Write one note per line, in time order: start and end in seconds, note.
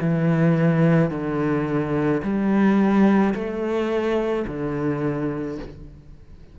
0.00 1.10 E3
1.10 2.21 D3
2.23 3.34 G3
3.34 4.45 A3
4.47 5.58 D3